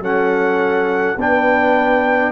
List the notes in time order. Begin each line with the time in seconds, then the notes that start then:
0.00 F#3 C#4 A4 F#5
1.17 B3 D4 B4 G5